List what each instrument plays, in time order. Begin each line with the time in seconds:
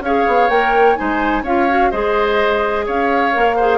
0.00 bassoon C#4, clarinet G#4, oboe C#5, flute F5
0.27 bassoon B3
0.49 bassoon A#3, clarinet A#4, flute G5
0.96 bassoon G#3, clarinet D#4, oboe C5, flute G#5
1.42 bassoon C#4, clarinet F4, oboe C#5, flute F5
1.69 clarinet F#4
1.91 bassoon G#3, clarinet G#4, oboe C5, flute D#5
2.86 bassoon C#4, oboe C#5, flute F5
3.33 bassoon A#3, clarinet A#4
3.56 clarinet G#4, oboe C5